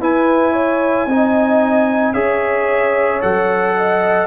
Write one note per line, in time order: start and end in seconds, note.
0.00 1.06 E4
0.00 1.08 E4
0.00 0.53 B4
0.00 2.14 G#5
0.53 1.07 C#5
1.06 2.14 C4
1.06 2.15 D#4
1.06 2.14 D#5
2.14 3.22 C#4
2.14 3.21 G#4
2.14 3.75 C#5
2.14 3.21 E5
3.21 4.27 F#3
3.21 4.27 A4
3.21 4.27 F#5
3.77 4.27 D#5